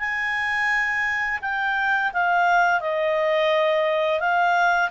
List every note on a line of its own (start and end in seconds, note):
0.00 1.40 G#5
1.42 2.12 G5
2.14 2.81 F5
2.81 4.21 D#5
4.21 4.90 F5